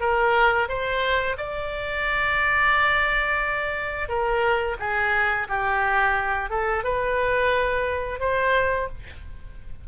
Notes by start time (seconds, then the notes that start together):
0.00 A#4
0.68 C5
1.37 D5
4.08 A#4
4.79 G#4
5.49 G4
6.50 A4
6.84 B4
8.20 C5